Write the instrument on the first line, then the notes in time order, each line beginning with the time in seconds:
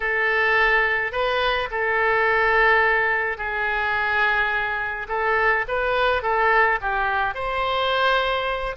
oboe
0.00 A4
1.12 B4
1.70 A4
3.37 G#4
5.08 A4
5.68 B4
6.22 A4
6.81 G4
7.34 C5